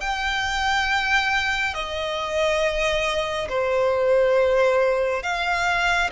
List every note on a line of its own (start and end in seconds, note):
0.00 1.74 G5
1.74 3.48 D#5
3.49 5.23 C5
5.23 6.09 F5